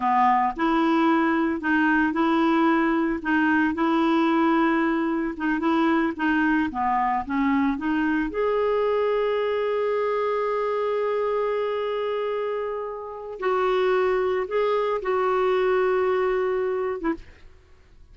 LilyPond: \new Staff \with { instrumentName = "clarinet" } { \time 4/4 \tempo 4 = 112 b4 e'2 dis'4 | e'2 dis'4 e'4~ | e'2 dis'8 e'4 dis'8~ | dis'8 b4 cis'4 dis'4 gis'8~ |
gis'1~ | gis'1~ | gis'4 fis'2 gis'4 | fis'2.~ fis'8. e'16 | }